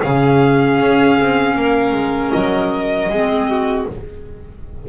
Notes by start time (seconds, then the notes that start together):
0.00 C#3 C#4 G#4 F5
0.80 C#4
1.19 C4
1.55 A#3 A#4
1.92 G#3
2.32 F#3 D#5
3.09 G#3 C4 G#4
3.50 F#4